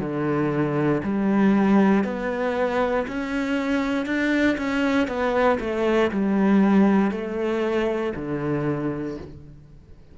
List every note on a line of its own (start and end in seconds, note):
0.00 1.02 D3
1.03 2.04 G3
2.04 3.06 B3
3.07 4.06 C#4
4.06 4.57 D4
4.58 5.08 C#4
5.08 5.58 B3
5.60 6.11 A3
6.12 7.11 G3
7.11 8.13 A3
8.16 9.18 D3